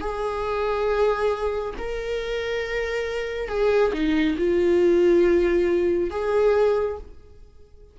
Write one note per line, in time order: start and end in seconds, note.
0.00 1.74 G#4
1.77 3.48 A#4
3.48 3.92 G#4
3.93 4.36 D#4
4.38 6.10 F4
6.10 6.97 G#4